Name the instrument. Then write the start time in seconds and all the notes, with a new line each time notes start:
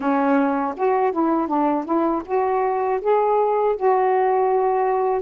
saxophone
0.00 C#4
0.76 F#4
1.11 E4
1.47 D4
1.84 E4
2.25 F#4
3.01 G#4
3.76 F#4